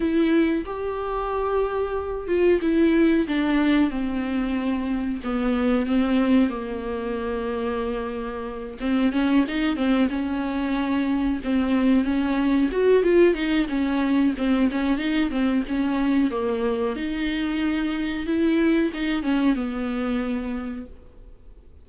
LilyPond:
\new Staff \with { instrumentName = "viola" } { \time 4/4 \tempo 4 = 92 e'4 g'2~ g'8 f'8 | e'4 d'4 c'2 | b4 c'4 ais2~ | ais4. c'8 cis'8 dis'8 c'8 cis'8~ |
cis'4. c'4 cis'4 fis'8 | f'8 dis'8 cis'4 c'8 cis'8 dis'8 c'8 | cis'4 ais4 dis'2 | e'4 dis'8 cis'8 b2 | }